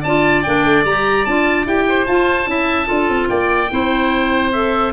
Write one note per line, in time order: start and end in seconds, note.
0.00 0.45 D4
0.00 0.45 F4
0.00 1.84 D5
0.00 0.42 A5
0.42 0.65 A#3
0.42 0.85 D4
0.42 0.83 G5
0.65 0.84 A3
0.84 1.25 G3
0.84 1.27 G4
0.84 1.24 A#5
1.24 1.65 D4
1.24 1.66 F4
1.24 1.65 A5
1.65 2.06 E4
1.65 2.07 G4
1.65 2.06 G5
1.88 2.49 C5
2.06 2.47 F4
2.06 2.46 F4
2.06 3.28 A5
2.46 2.87 C#4
2.46 2.85 E4
2.46 2.87 E5
2.85 3.09 D4
2.85 3.67 F4
2.85 3.28 A4
3.09 3.29 C4
3.28 3.70 A#3
3.28 3.70 D5
3.28 4.51 G5
3.71 4.93 C4
3.71 4.52 E4
3.71 4.93 C5
4.52 4.93 A4
4.52 4.93 E5